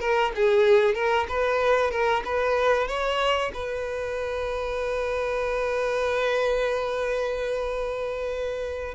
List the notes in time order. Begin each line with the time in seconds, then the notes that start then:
0.00 A#4
0.35 G#4
0.95 A#4
1.29 B4
1.91 A#4
2.25 B4
2.88 C#5
3.54 B4